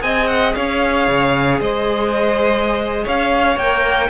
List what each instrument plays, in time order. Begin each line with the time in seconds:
0.00 cello C4, viola G#4, violin D#5 G#5
0.28 violin F#5
0.55 cello C#4, violin C#5 F5
1.08 cello C#3
1.61 cello G#3, violin C5 D#5
3.05 cello C#4, violin C#5 F5
3.57 cello A#3, viola A#4, violin G5